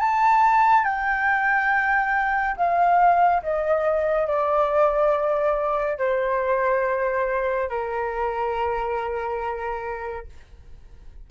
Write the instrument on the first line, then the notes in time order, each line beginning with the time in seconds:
flute
0.00 A5
0.85 G5
2.57 F5
3.43 D#5
4.27 D5
5.98 C5
7.70 A#4